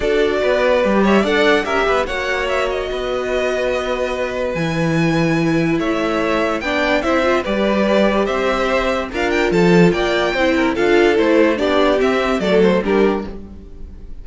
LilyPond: <<
  \new Staff \with { instrumentName = "violin" } { \time 4/4 \tempo 4 = 145 d''2~ d''8 e''8 fis''4 | e''4 fis''4 e''8 dis''4.~ | dis''2. gis''4~ | gis''2 e''2 |
g''4 e''4 d''2 | e''2 f''8 g''8 a''4 | g''2 f''4 c''4 | d''4 e''4 d''8 c''8 ais'4 | }
  \new Staff \with { instrumentName = "violin" } { \time 4/4 a'4 b'4. cis''8 d''4 | ais'8 b'8 cis''2 b'4~ | b'1~ | b'2 cis''2 |
d''4 c''4 b'2 | c''2 ais'4 a'4 | d''4 c''8 ais'8 a'2 | g'2 a'4 g'4 | }
  \new Staff \with { instrumentName = "viola" } { \time 4/4 fis'2 g'4 a'4 | g'4 fis'2.~ | fis'2. e'4~ | e'1 |
d'4 e'8 f'8 g'2~ | g'2 f'2~ | f'4 e'4 f'4 e'4 | d'4 c'4 a4 d'4 | }
  \new Staff \with { instrumentName = "cello" } { \time 4/4 d'4 b4 g4 d'4 | cis'8 b8 ais2 b4~ | b2. e4~ | e2 a2 |
b4 c'4 g2 | c'2 d'4 f4 | ais4 c'4 d'4 a4 | b4 c'4 fis4 g4 | }
>>